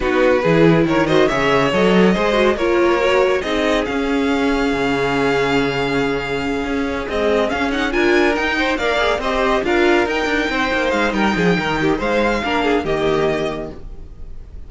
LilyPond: <<
  \new Staff \with { instrumentName = "violin" } { \time 4/4 \tempo 4 = 140 b'2 cis''8 dis''8 e''4 | dis''2 cis''2 | dis''4 f''2.~ | f''1~ |
f''8 dis''4 f''8 fis''8 gis''4 g''8~ | g''8 f''4 dis''4 f''4 g''8~ | g''4. f''8 g''2 | f''2 dis''2 | }
  \new Staff \with { instrumentName = "violin" } { \time 4/4 fis'4 gis'4 ais'8 c''8 cis''4~ | cis''4 c''4 ais'2 | gis'1~ | gis'1~ |
gis'2~ gis'8 ais'4. | c''8 d''4 c''4 ais'4.~ | ais'8 c''4. ais'8 gis'8 ais'8 g'8 | c''4 ais'8 gis'8 g'2 | }
  \new Staff \with { instrumentName = "viola" } { \time 4/4 dis'4 e'4. fis'8 gis'4 | a'4 gis'8 fis'8 f'4 fis'4 | dis'4 cis'2.~ | cis'1~ |
cis'8 gis4 cis'8 dis'8 f'4 dis'8~ | dis'8 ais'8 gis'8 g'4 f'4 dis'8~ | dis'1~ | dis'4 d'4 ais2 | }
  \new Staff \with { instrumentName = "cello" } { \time 4/4 b4 e4 dis4 cis4 | fis4 gis4 ais2 | c'4 cis'2 cis4~ | cis2.~ cis8 cis'8~ |
cis'8 c'4 cis'4 d'4 dis'8~ | dis'8 ais4 c'4 d'4 dis'8 | d'8 c'8 ais8 gis8 g8 f8 dis4 | gis4 ais4 dis2 | }
>>